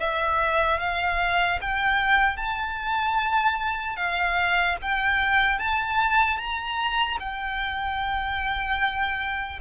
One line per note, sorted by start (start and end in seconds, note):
0.00 0.80 E5
0.80 1.60 F5
1.61 2.37 G5
2.37 3.97 A5
3.97 4.77 F5
4.82 5.59 G5
5.59 6.38 A5
6.38 7.18 A#5
7.20 9.60 G5